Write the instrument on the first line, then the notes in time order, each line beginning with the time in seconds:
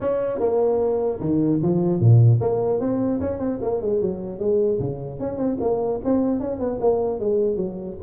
tuba
0.01 C#4
0.39 A#3
1.20 D#3
1.62 F3
2.00 A#2
2.40 A#3
2.80 C4
3.20 C#4
3.39 C4
3.61 A#3
3.81 G#3
4.01 F#3
4.39 G#3
4.79 C#3
5.19 C#4
5.37 C4
5.60 A#3
6.04 C4
6.40 C#4
6.59 B3
6.81 A#3
7.19 G#3
7.56 F#3